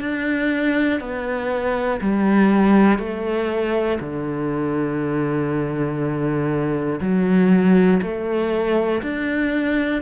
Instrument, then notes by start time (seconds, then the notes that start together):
cello
0.00 D4
1.00 B3
2.01 G3
2.99 A3
4.00 D3
7.01 F#3
8.02 A3
9.02 D4